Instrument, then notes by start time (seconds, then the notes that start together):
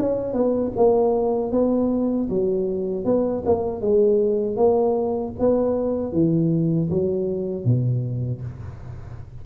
tuba
0.00 C#4
0.34 B3
0.77 A#3
1.52 B3
2.29 F#3
3.05 B3
3.46 A#3
3.81 G#3
4.57 A#3
5.40 B3
6.13 E3
6.91 F#3
7.65 B2